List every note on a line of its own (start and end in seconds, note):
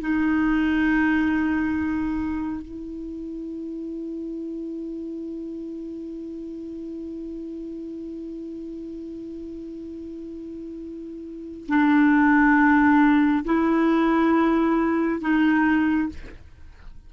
0.00 2.61 D#4
2.61 11.66 E4
11.68 13.44 D4
13.44 15.20 E4
15.20 16.09 D#4